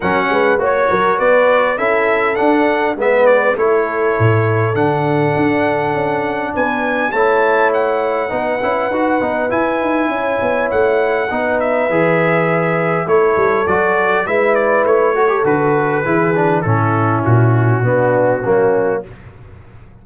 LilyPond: <<
  \new Staff \with { instrumentName = "trumpet" } { \time 4/4 \tempo 4 = 101 fis''4 cis''4 d''4 e''4 | fis''4 e''8 d''8 cis''2 | fis''2. gis''4 | a''4 fis''2. |
gis''2 fis''4. e''8~ | e''2 cis''4 d''4 | e''8 d''8 cis''4 b'2 | a'4 fis'2. | }
  \new Staff \with { instrumentName = "horn" } { \time 4/4 ais'8 b'8 cis''8 ais'8 b'4 a'4~ | a'4 b'4 a'2~ | a'2. b'4 | cis''2 b'2~ |
b'4 cis''2 b'4~ | b'2 a'2 | b'4. a'4. gis'4 | e'2 d'4 cis'4 | }
  \new Staff \with { instrumentName = "trombone" } { \time 4/4 cis'4 fis'2 e'4 | d'4 b4 e'2 | d'1 | e'2 dis'8 e'8 fis'8 dis'8 |
e'2. dis'4 | gis'2 e'4 fis'4 | e'4. fis'16 g'16 fis'4 e'8 d'8 | cis'2 b4 ais4 | }
  \new Staff \with { instrumentName = "tuba" } { \time 4/4 fis8 gis8 ais8 fis8 b4 cis'4 | d'4 gis4 a4 a,4 | d4 d'4 cis'4 b4 | a2 b8 cis'8 dis'8 b8 |
e'8 dis'8 cis'8 b8 a4 b4 | e2 a8 g8 fis4 | gis4 a4 d4 e4 | a,4 ais,4 b,4 fis4 | }
>>